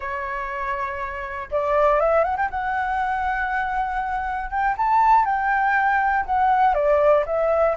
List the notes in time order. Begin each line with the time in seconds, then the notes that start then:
0.00 C#5
1.51 D5
2.00 E5
2.24 F#5
2.36 G5
2.50 F#5
4.50 G5
4.77 A5
5.25 G5
6.25 F#5
6.74 D5
7.25 E5